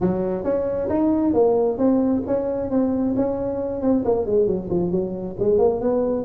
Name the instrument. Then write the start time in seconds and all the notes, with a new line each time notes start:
tuba
0.00 F#3
0.44 C#4
0.89 D#4
1.33 A#3
1.77 C4
2.26 C#4
2.70 C4
3.16 C#4
3.81 C4
4.04 A#3
4.26 G#3
4.46 F#3
4.70 F3
4.91 F#3
5.39 G#3
5.58 A#3
5.80 B3